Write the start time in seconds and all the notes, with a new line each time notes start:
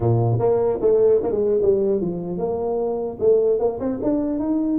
0.00 A#2
0.39 A#3
0.81 A3
1.22 A#3
1.31 G#3
1.61 G3
2.00 F3
2.38 A#3
3.19 A3
3.59 A#3
3.79 C4
4.02 D4
4.39 D#4